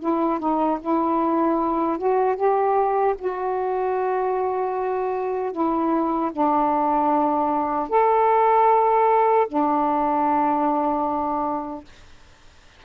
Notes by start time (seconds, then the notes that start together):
0.00 E4
0.39 D#4
0.81 E4
1.98 F#4
2.36 G4
3.19 F#4
5.52 E4
6.32 D4
7.89 A4
9.48 D4